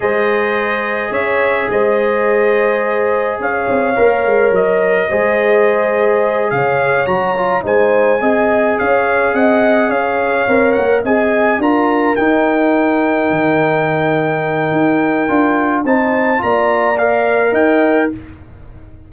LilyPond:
<<
  \new Staff \with { instrumentName = "trumpet" } { \time 4/4 \tempo 4 = 106 dis''2 e''4 dis''4~ | dis''2 f''2 | dis''2.~ dis''8 f''8~ | f''8 ais''4 gis''2 f''8~ |
f''8 fis''4 f''4. fis''8 gis''8~ | gis''8 ais''4 g''2~ g''8~ | g''1 | a''4 ais''4 f''4 g''4 | }
  \new Staff \with { instrumentName = "horn" } { \time 4/4 c''2 cis''4 c''4~ | c''2 cis''2~ | cis''4 c''2~ c''8 cis''8~ | cis''4. c''4 dis''4 cis''8~ |
cis''8 dis''4 cis''2 dis''8~ | dis''8 ais'2.~ ais'8~ | ais'1 | c''4 d''2 dis''4 | }
  \new Staff \with { instrumentName = "trombone" } { \time 4/4 gis'1~ | gis'2. ais'4~ | ais'4 gis'2.~ | gis'8 fis'8 f'8 dis'4 gis'4.~ |
gis'2~ gis'8 ais'4 gis'8~ | gis'8 f'4 dis'2~ dis'8~ | dis'2. f'4 | dis'4 f'4 ais'2 | }
  \new Staff \with { instrumentName = "tuba" } { \time 4/4 gis2 cis'4 gis4~ | gis2 cis'8 c'8 ais8 gis8 | fis4 gis2~ gis8 cis8~ | cis8 fis4 gis4 c'4 cis'8~ |
cis'8 c'4 cis'4 c'8 ais8 c'8~ | c'8 d'4 dis'2 dis8~ | dis2 dis'4 d'4 | c'4 ais2 dis'4 | }
>>